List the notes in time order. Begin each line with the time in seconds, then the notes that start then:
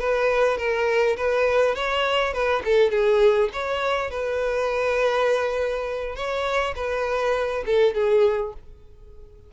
0.00 B4
0.58 A#4
1.17 B4
1.75 C#5
2.33 B4
2.65 A4
2.91 G#4
3.53 C#5
4.11 B4
6.16 C#5
6.76 B4
7.66 A4
7.95 G#4